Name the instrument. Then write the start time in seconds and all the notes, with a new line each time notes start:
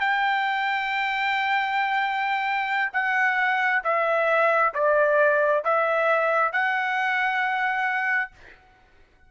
trumpet
0.00 G5
2.93 F#5
3.84 E5
4.74 D5
5.65 E5
6.53 F#5